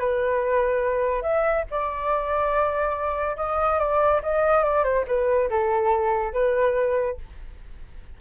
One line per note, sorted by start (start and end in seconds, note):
0.00 1.23 B4
1.23 1.65 E5
1.71 3.37 D5
3.37 3.79 D#5
3.79 4.22 D5
4.23 4.64 D#5
4.64 4.84 D5
4.84 5.06 C5
5.08 5.50 B4
5.50 6.33 A4
6.33 7.18 B4